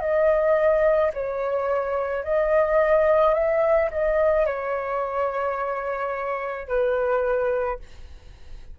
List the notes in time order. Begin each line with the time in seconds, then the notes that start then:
0.00 D#5
1.14 C#5
2.24 D#5
3.34 E5
3.91 D#5
4.46 C#5
6.68 B4